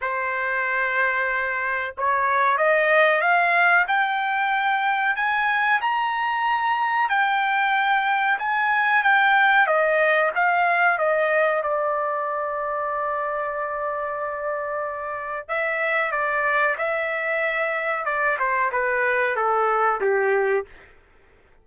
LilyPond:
\new Staff \with { instrumentName = "trumpet" } { \time 4/4 \tempo 4 = 93 c''2. cis''4 | dis''4 f''4 g''2 | gis''4 ais''2 g''4~ | g''4 gis''4 g''4 dis''4 |
f''4 dis''4 d''2~ | d''1 | e''4 d''4 e''2 | d''8 c''8 b'4 a'4 g'4 | }